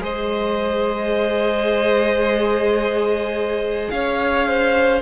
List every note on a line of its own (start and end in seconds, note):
0.00 3.89 G#3
0.00 5.00 G#4
0.00 3.92 C5
0.00 3.91 D#5
3.91 5.02 C#4
3.91 4.49 C#5
3.91 5.02 F5
4.49 5.02 C5